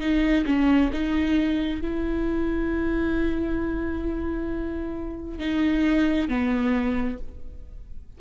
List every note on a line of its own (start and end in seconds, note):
0.00 0.45 D#4
0.46 0.91 C#4
0.93 1.81 D#4
1.81 5.39 E4
5.39 6.28 D#4
6.28 7.18 B3